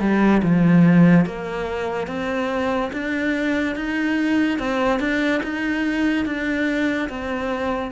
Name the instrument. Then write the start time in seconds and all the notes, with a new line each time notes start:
cello
0.00 G3
0.42 F3
1.25 A#3
2.07 C4
2.93 D4
3.75 D#4
4.59 C4
5.00 D4
5.43 D#4
6.25 D4
7.09 C4